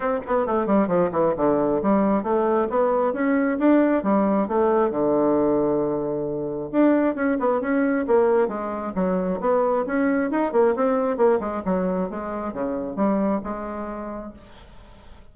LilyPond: \new Staff \with { instrumentName = "bassoon" } { \time 4/4 \tempo 4 = 134 c'8 b8 a8 g8 f8 e8 d4 | g4 a4 b4 cis'4 | d'4 g4 a4 d4~ | d2. d'4 |
cis'8 b8 cis'4 ais4 gis4 | fis4 b4 cis'4 dis'8 ais8 | c'4 ais8 gis8 fis4 gis4 | cis4 g4 gis2 | }